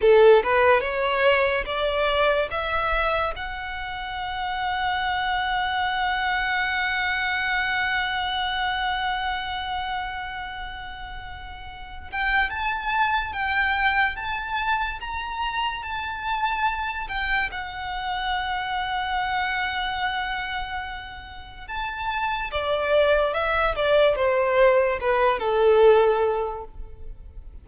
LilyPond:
\new Staff \with { instrumentName = "violin" } { \time 4/4 \tempo 4 = 72 a'8 b'8 cis''4 d''4 e''4 | fis''1~ | fis''1~ | fis''2~ fis''8 g''8 a''4 |
g''4 a''4 ais''4 a''4~ | a''8 g''8 fis''2.~ | fis''2 a''4 d''4 | e''8 d''8 c''4 b'8 a'4. | }